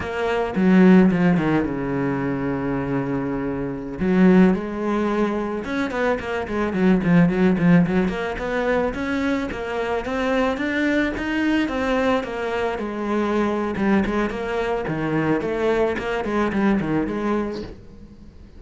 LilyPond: \new Staff \with { instrumentName = "cello" } { \time 4/4 \tempo 4 = 109 ais4 fis4 f8 dis8 cis4~ | cis2.~ cis16 fis8.~ | fis16 gis2 cis'8 b8 ais8 gis16~ | gis16 fis8 f8 fis8 f8 fis8 ais8 b8.~ |
b16 cis'4 ais4 c'4 d'8.~ | d'16 dis'4 c'4 ais4 gis8.~ | gis4 g8 gis8 ais4 dis4 | a4 ais8 gis8 g8 dis8 gis4 | }